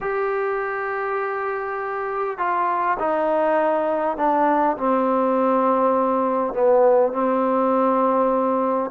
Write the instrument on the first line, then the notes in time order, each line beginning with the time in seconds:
trombone
0.01 G4
2.38 F4
2.99 D#4
4.17 D4
4.77 C4
6.53 B3
7.12 C4